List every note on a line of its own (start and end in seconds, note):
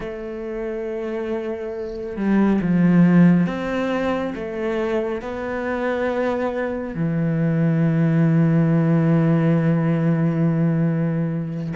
0.00 2.16 A3
2.16 2.60 G3
2.61 3.46 F3
3.46 4.33 C4
4.34 5.21 A3
5.21 6.94 B3
6.94 11.73 E3